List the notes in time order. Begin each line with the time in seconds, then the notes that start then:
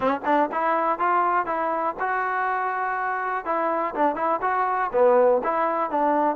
0.00 C#4
0.25 D4
0.52 E4
0.98 F4
1.46 E4
1.99 F#4
3.45 E4
3.95 D4
4.15 E4
4.41 F#4
4.92 B3
5.43 E4
5.90 D4